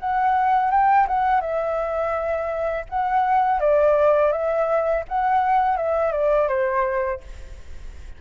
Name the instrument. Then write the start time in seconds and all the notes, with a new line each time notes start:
flute
0.00 F#5
0.71 G5
1.08 F#5
1.41 E5
2.89 F#5
3.60 D5
4.32 E5
5.09 F#5
5.77 E5
6.12 D5
6.48 C5